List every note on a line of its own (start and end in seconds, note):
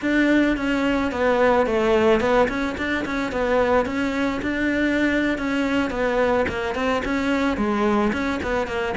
0.02 0.57 D4
0.57 1.11 C#4
1.11 1.66 B3
1.66 2.20 A3
2.20 2.48 B3
2.48 2.76 C#4
2.77 3.05 D4
3.05 3.32 C#4
3.32 3.85 B3
3.85 4.40 C#4
4.42 5.37 D4
5.37 5.90 C#4
5.90 6.45 B3
6.48 6.74 A#3
6.74 7.02 C4
7.05 7.57 C#4
7.57 8.12 G#3
8.12 8.40 C#4
8.42 8.67 B3
8.67 8.94 A#3